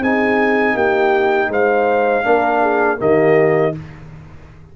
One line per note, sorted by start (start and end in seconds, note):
0.00 0.75 C4
0.00 2.24 D#4
0.00 0.74 G#4
0.00 0.77 G#5
0.74 1.49 A#3
0.74 1.49 G4
0.74 1.52 G5
1.49 2.24 G#3
1.49 2.25 C5
1.49 3.01 F5
2.24 3.00 A#3
2.24 2.97 D4
2.24 2.61 A#4
2.61 2.99 G#4
2.97 3.76 D#3
2.97 3.72 A#3
2.97 3.75 G4
2.97 3.76 D#5